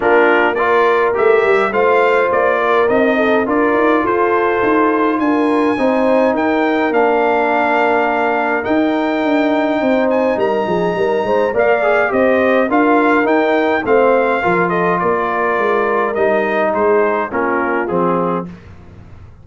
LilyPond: <<
  \new Staff \with { instrumentName = "trumpet" } { \time 4/4 \tempo 4 = 104 ais'4 d''4 e''4 f''4 | d''4 dis''4 d''4 c''4~ | c''4 gis''2 g''4 | f''2. g''4~ |
g''4. gis''8 ais''2 | f''4 dis''4 f''4 g''4 | f''4. dis''8 d''2 | dis''4 c''4 ais'4 gis'4 | }
  \new Staff \with { instrumentName = "horn" } { \time 4/4 f'4 ais'2 c''4~ | c''8 ais'4 a'8 ais'4 a'4~ | a'4 ais'4 c''4 ais'4~ | ais'1~ |
ais'4 c''4 ais'8 gis'8 ais'8 c''8 | d''4 c''4 ais'2 | c''4 ais'8 a'8 ais'2~ | ais'4 gis'4 f'2 | }
  \new Staff \with { instrumentName = "trombone" } { \time 4/4 d'4 f'4 g'4 f'4~ | f'4 dis'4 f'2~ | f'2 dis'2 | d'2. dis'4~ |
dis'1 | ais'8 gis'8 g'4 f'4 dis'4 | c'4 f'2. | dis'2 cis'4 c'4 | }
  \new Staff \with { instrumentName = "tuba" } { \time 4/4 ais2 a8 g8 a4 | ais4 c'4 d'8 dis'8 f'4 | dis'4 d'4 c'4 dis'4 | ais2. dis'4 |
d'4 c'4 g8 f8 g8 gis8 | ais4 c'4 d'4 dis'4 | a4 f4 ais4 gis4 | g4 gis4 ais4 f4 | }
>>